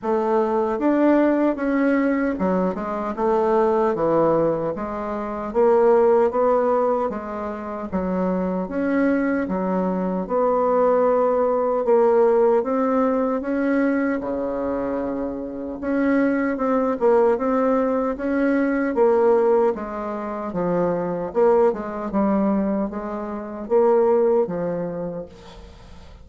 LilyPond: \new Staff \with { instrumentName = "bassoon" } { \time 4/4 \tempo 4 = 76 a4 d'4 cis'4 fis8 gis8 | a4 e4 gis4 ais4 | b4 gis4 fis4 cis'4 | fis4 b2 ais4 |
c'4 cis'4 cis2 | cis'4 c'8 ais8 c'4 cis'4 | ais4 gis4 f4 ais8 gis8 | g4 gis4 ais4 f4 | }